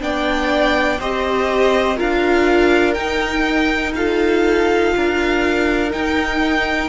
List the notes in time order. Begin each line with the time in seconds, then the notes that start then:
0.00 B3 D4 D5 G5
0.99 C4 G4 C5 D#5
1.97 D4 F4 A#4 F5
2.94 D#4 G5
3.95 F4 A4 F5
4.96 D4 A#4
5.91 D#4 G5